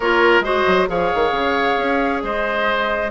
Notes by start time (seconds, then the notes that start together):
0.00 A#3 F4 A#4 C#5
0.40 G#3 F#4 C5 D#5
0.66 F#3
0.87 F3 G#4 C#5 F5
1.14 D#3
1.31 C#3
1.77 C#4
2.22 G#3 C5 D#5